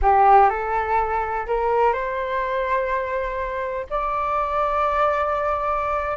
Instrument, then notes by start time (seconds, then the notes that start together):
flute
0.02 G4
0.49 A4
1.46 A#4
1.93 C5
3.90 D5